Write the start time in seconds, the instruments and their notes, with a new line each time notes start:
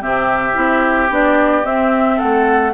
0.00 bassoon C3, clarinet C4, oboe G4, flute E5
0.53 bassoon C4, clarinet E4
1.10 bassoon B3, clarinet D4, flute D5
1.63 clarinet C4, bassoon C4, flute E5
2.16 oboe A4, flute F#5
2.22 bassoon A3